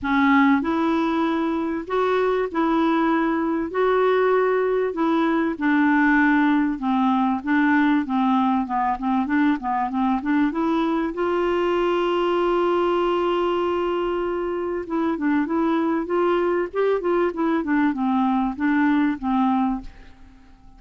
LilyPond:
\new Staff \with { instrumentName = "clarinet" } { \time 4/4 \tempo 4 = 97 cis'4 e'2 fis'4 | e'2 fis'2 | e'4 d'2 c'4 | d'4 c'4 b8 c'8 d'8 b8 |
c'8 d'8 e'4 f'2~ | f'1 | e'8 d'8 e'4 f'4 g'8 f'8 | e'8 d'8 c'4 d'4 c'4 | }